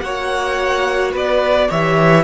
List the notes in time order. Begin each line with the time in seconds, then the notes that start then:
0.00 A#3 F#4 C#5 F#5
1.12 B3 B4 D5
1.69 E3 G4 C#5 E5